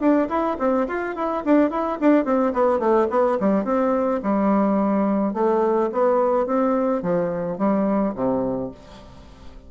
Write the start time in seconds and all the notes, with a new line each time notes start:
0.00 D4
0.29 E4
0.59 C4
0.87 F4
1.15 E4
1.45 D4
1.70 E4
2.00 D4
2.25 C4
2.53 B3
2.79 A3
3.10 B3
3.40 G3
3.64 C4
4.23 G3
5.34 A3
5.92 B3
6.46 C4
7.02 F3
7.58 G3
8.15 C3